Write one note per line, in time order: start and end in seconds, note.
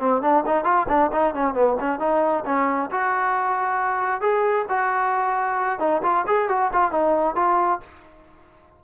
0.00 0.22 C4
0.22 0.45 D4
0.47 0.65 D#4
0.65 0.87 F4
0.89 1.12 D4
1.13 1.35 D#4
1.35 1.55 C#4
1.55 1.77 B3
1.80 2.00 C#4
2.00 2.45 D#4
2.46 2.91 C#4
2.91 4.22 F#4
4.22 4.66 G#4
4.69 5.80 F#4
5.80 6.02 D#4
6.03 6.25 F4
6.27 6.49 G#4
6.49 6.71 F#4
6.74 6.92 F4
6.92 7.36 D#4
7.36 7.81 F4